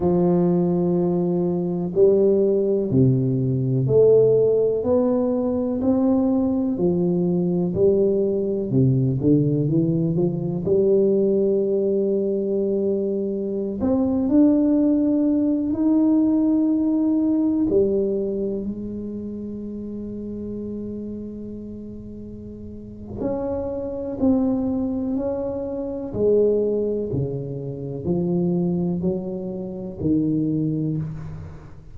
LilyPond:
\new Staff \with { instrumentName = "tuba" } { \time 4/4 \tempo 4 = 62 f2 g4 c4 | a4 b4 c'4 f4 | g4 c8 d8 e8 f8 g4~ | g2~ g16 c'8 d'4~ d'16~ |
d'16 dis'2 g4 gis8.~ | gis1 | cis'4 c'4 cis'4 gis4 | cis4 f4 fis4 dis4 | }